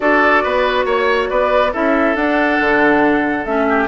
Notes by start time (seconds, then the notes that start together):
0.00 D4 F#4 A4 D5
0.43 B3 B4
0.85 A#3 C#5
1.29 B3 B4 D5
1.72 C#4 E4 A4 E5
2.15 D4 F#5
2.60 D3
3.45 A3 C#4 E5
3.68 G4